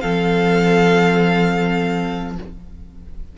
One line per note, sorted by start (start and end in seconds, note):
0.00 2.37 F3
0.00 2.37 C4
0.00 2.37 A4
0.00 2.35 F5